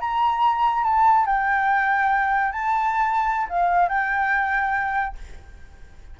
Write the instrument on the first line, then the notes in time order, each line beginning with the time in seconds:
flute
0.00 A#5
0.83 A5
1.26 G5
2.52 A5
3.49 F5
3.88 G5